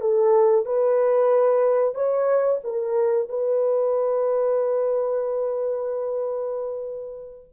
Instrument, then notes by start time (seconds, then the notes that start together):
horn
0.00 A4
0.65 B4
1.94 C#5
2.64 A#4
3.28 B4